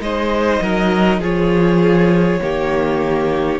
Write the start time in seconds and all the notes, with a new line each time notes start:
0.00 G#3 D#4 C5 D#5
0.61 F#3 A#4
1.19 F3 F4 G#4 C#5
2.41 D#3 A#3 G4